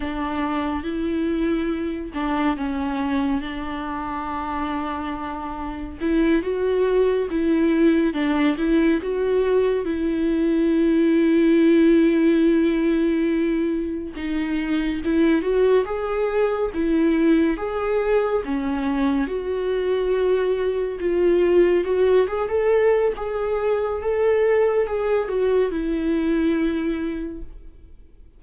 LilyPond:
\new Staff \with { instrumentName = "viola" } { \time 4/4 \tempo 4 = 70 d'4 e'4. d'8 cis'4 | d'2. e'8 fis'8~ | fis'8 e'4 d'8 e'8 fis'4 e'8~ | e'1~ |
e'8 dis'4 e'8 fis'8 gis'4 e'8~ | e'8 gis'4 cis'4 fis'4.~ | fis'8 f'4 fis'8 gis'16 a'8. gis'4 | a'4 gis'8 fis'8 e'2 | }